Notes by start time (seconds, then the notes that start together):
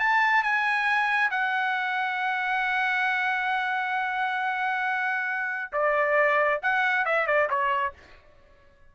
0.00 A5
0.44 G#5
1.31 F#5
5.73 D5
6.63 F#5
7.05 E5
7.27 D5
7.50 C#5